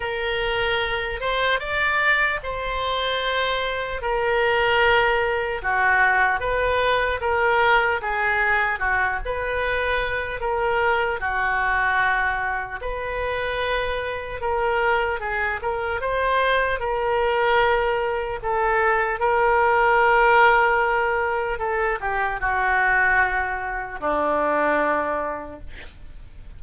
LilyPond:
\new Staff \with { instrumentName = "oboe" } { \time 4/4 \tempo 4 = 75 ais'4. c''8 d''4 c''4~ | c''4 ais'2 fis'4 | b'4 ais'4 gis'4 fis'8 b'8~ | b'4 ais'4 fis'2 |
b'2 ais'4 gis'8 ais'8 | c''4 ais'2 a'4 | ais'2. a'8 g'8 | fis'2 d'2 | }